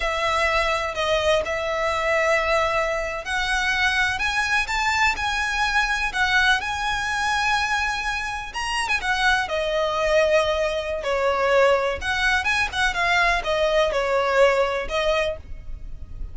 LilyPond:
\new Staff \with { instrumentName = "violin" } { \time 4/4 \tempo 4 = 125 e''2 dis''4 e''4~ | e''2~ e''8. fis''4~ fis''16~ | fis''8. gis''4 a''4 gis''4~ gis''16~ | gis''8. fis''4 gis''2~ gis''16~ |
gis''4.~ gis''16 ais''8. gis''16 fis''4 dis''16~ | dis''2. cis''4~ | cis''4 fis''4 gis''8 fis''8 f''4 | dis''4 cis''2 dis''4 | }